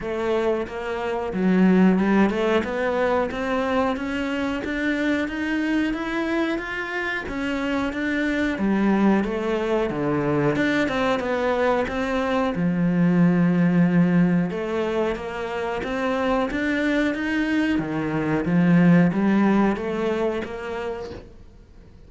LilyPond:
\new Staff \with { instrumentName = "cello" } { \time 4/4 \tempo 4 = 91 a4 ais4 fis4 g8 a8 | b4 c'4 cis'4 d'4 | dis'4 e'4 f'4 cis'4 | d'4 g4 a4 d4 |
d'8 c'8 b4 c'4 f4~ | f2 a4 ais4 | c'4 d'4 dis'4 dis4 | f4 g4 a4 ais4 | }